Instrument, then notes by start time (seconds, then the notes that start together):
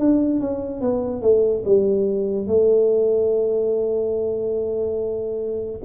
tuba
0.00 D4
0.41 C#4
0.81 B3
1.22 A3
1.66 G3
2.48 A3